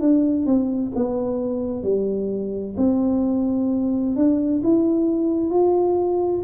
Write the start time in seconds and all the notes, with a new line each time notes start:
0.00 D4
0.46 C4
0.95 B3
1.83 G3
2.77 C4
4.16 D4
4.63 E4
5.50 F4